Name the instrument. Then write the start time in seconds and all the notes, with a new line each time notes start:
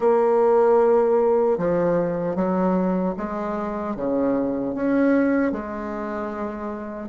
bassoon
0.00 A#3
1.58 F3
2.35 F#3
3.17 G#3
3.96 C#3
4.74 C#4
5.52 G#3